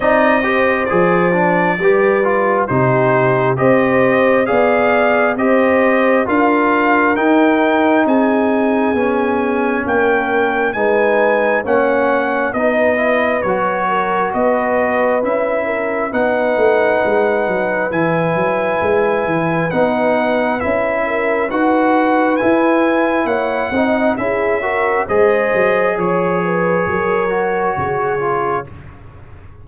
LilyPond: <<
  \new Staff \with { instrumentName = "trumpet" } { \time 4/4 \tempo 4 = 67 dis''4 d''2 c''4 | dis''4 f''4 dis''4 f''4 | g''4 gis''2 g''4 | gis''4 fis''4 dis''4 cis''4 |
dis''4 e''4 fis''2 | gis''2 fis''4 e''4 | fis''4 gis''4 fis''4 e''4 | dis''4 cis''2. | }
  \new Staff \with { instrumentName = "horn" } { \time 4/4 d''8 c''4. b'4 g'4 | c''4 d''4 c''4 ais'4~ | ais'4 gis'2 ais'4 | b'4 cis''4 b'4. ais'8 |
b'4. ais'8 b'2~ | b'2.~ b'8 ais'8 | b'2 cis''8 dis''8 gis'8 ais'8 | c''4 cis''8 b'8 ais'4 gis'4 | }
  \new Staff \with { instrumentName = "trombone" } { \time 4/4 dis'8 g'8 gis'8 d'8 g'8 f'8 dis'4 | g'4 gis'4 g'4 f'4 | dis'2 cis'2 | dis'4 cis'4 dis'8 e'8 fis'4~ |
fis'4 e'4 dis'2 | e'2 dis'4 e'4 | fis'4 e'4. dis'8 e'8 fis'8 | gis'2~ gis'8 fis'4 f'8 | }
  \new Staff \with { instrumentName = "tuba" } { \time 4/4 c'4 f4 g4 c4 | c'4 b4 c'4 d'4 | dis'4 c'4 b4 ais4 | gis4 ais4 b4 fis4 |
b4 cis'4 b8 a8 gis8 fis8 | e8 fis8 gis8 e8 b4 cis'4 | dis'4 e'4 ais8 c'8 cis'4 | gis8 fis8 f4 fis4 cis4 | }
>>